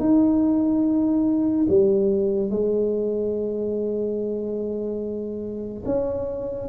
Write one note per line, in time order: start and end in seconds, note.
0.00 1.67 D#4
1.69 2.50 G3
2.50 5.83 G#3
5.86 6.69 C#4